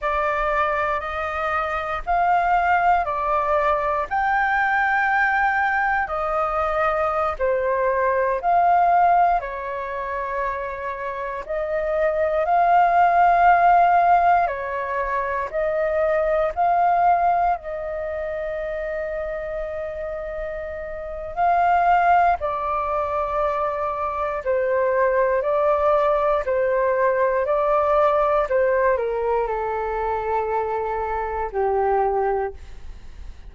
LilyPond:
\new Staff \with { instrumentName = "flute" } { \time 4/4 \tempo 4 = 59 d''4 dis''4 f''4 d''4 | g''2 dis''4~ dis''16 c''8.~ | c''16 f''4 cis''2 dis''8.~ | dis''16 f''2 cis''4 dis''8.~ |
dis''16 f''4 dis''2~ dis''8.~ | dis''4 f''4 d''2 | c''4 d''4 c''4 d''4 | c''8 ais'8 a'2 g'4 | }